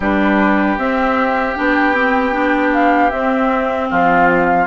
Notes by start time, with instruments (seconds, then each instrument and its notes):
0.00 bassoon G3, clarinet D4, oboe G4, flute B4
0.77 bassoon C4, clarinet C4, flute E5
1.54 bassoon B3, clarinet D4, flute G5
1.93 clarinet C4
2.32 clarinet D4
2.73 flute F5
3.10 clarinet C4, bassoon C4, flute E5
3.89 bassoon F3, oboe F4, flute F5